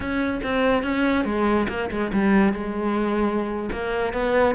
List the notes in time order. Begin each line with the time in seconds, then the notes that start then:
0.00 C#4
0.43 C4
0.83 C#4
1.24 G#3
1.68 A#3
1.90 G#3
2.12 G3
2.53 G#3
3.72 A#3
4.13 B3